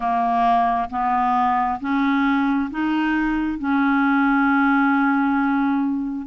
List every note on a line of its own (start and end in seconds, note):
0.00 0.89 A#3
0.90 1.79 B3
1.80 2.69 C#4
2.71 3.58 D#4
3.58 6.27 C#4